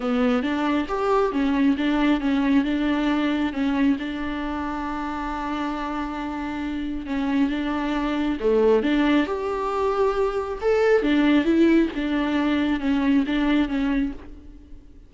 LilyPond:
\new Staff \with { instrumentName = "viola" } { \time 4/4 \tempo 4 = 136 b4 d'4 g'4 cis'4 | d'4 cis'4 d'2 | cis'4 d'2.~ | d'1 |
cis'4 d'2 a4 | d'4 g'2. | a'4 d'4 e'4 d'4~ | d'4 cis'4 d'4 cis'4 | }